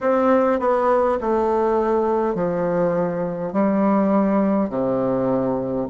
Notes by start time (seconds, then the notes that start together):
0.01 C4
0.59 B3
1.20 A3
2.35 F3
3.52 G3
4.70 C3